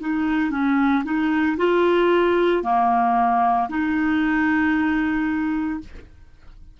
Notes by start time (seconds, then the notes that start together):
0.00 D#4
0.50 C#4
1.04 D#4
1.57 F4
2.63 A#3
3.69 D#4